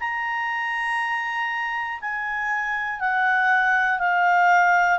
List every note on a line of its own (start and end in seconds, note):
0.00 2.00 A#5
2.01 3.00 G#5
3.00 4.00 F#5
4.00 4.99 F5